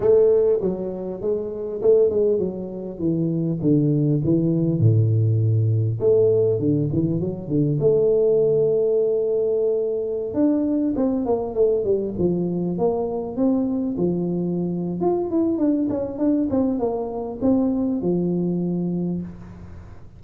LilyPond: \new Staff \with { instrumentName = "tuba" } { \time 4/4 \tempo 4 = 100 a4 fis4 gis4 a8 gis8 | fis4 e4 d4 e4 | a,2 a4 d8 e8 | fis8 d8 a2.~ |
a4~ a16 d'4 c'8 ais8 a8 g16~ | g16 f4 ais4 c'4 f8.~ | f4 f'8 e'8 d'8 cis'8 d'8 c'8 | ais4 c'4 f2 | }